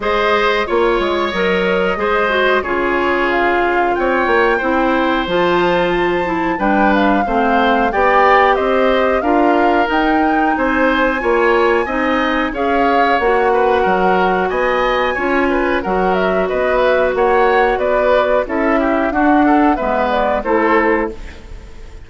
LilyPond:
<<
  \new Staff \with { instrumentName = "flute" } { \time 4/4 \tempo 4 = 91 dis''4 cis''4 dis''2 | cis''4 f''4 g''2 | a''2 g''8 f''4. | g''4 dis''4 f''4 g''4 |
gis''2. f''4 | fis''2 gis''2 | fis''8 e''8 dis''8 e''8 fis''4 d''4 | e''4 fis''4 e''8 d''8 c''4 | }
  \new Staff \with { instrumentName = "oboe" } { \time 4/4 c''4 cis''2 c''4 | gis'2 cis''4 c''4~ | c''2 b'4 c''4 | d''4 c''4 ais'2 |
c''4 cis''4 dis''4 cis''4~ | cis''8 b'8 ais'4 dis''4 cis''8 b'8 | ais'4 b'4 cis''4 b'4 | a'8 g'8 fis'8 a'8 b'4 a'4 | }
  \new Staff \with { instrumentName = "clarinet" } { \time 4/4 gis'4 f'4 ais'4 gis'8 fis'8 | f'2. e'4 | f'4. e'8 d'4 c'4 | g'2 f'4 dis'4~ |
dis'4 f'4 dis'4 gis'4 | fis'2. f'4 | fis'1 | e'4 d'4 b4 e'4 | }
  \new Staff \with { instrumentName = "bassoon" } { \time 4/4 gis4 ais8 gis8 fis4 gis4 | cis2 c'8 ais8 c'4 | f2 g4 a4 | b4 c'4 d'4 dis'4 |
c'4 ais4 c'4 cis'4 | ais4 fis4 b4 cis'4 | fis4 b4 ais4 b4 | cis'4 d'4 gis4 a4 | }
>>